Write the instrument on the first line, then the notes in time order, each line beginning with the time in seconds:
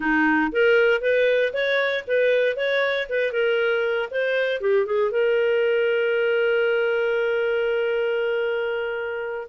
clarinet
0.00 D#4
0.52 A#4
1.01 B4
1.53 C#5
2.07 B4
2.56 C#5
3.09 B4
3.32 A#4
4.10 C5
4.60 G4
4.86 G#4
5.11 A#4